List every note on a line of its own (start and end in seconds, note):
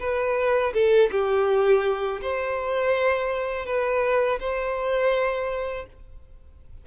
0.00 0.73 B4
0.74 1.10 A4
1.12 2.22 G4
2.22 3.66 C5
3.66 4.39 B4
4.40 5.87 C5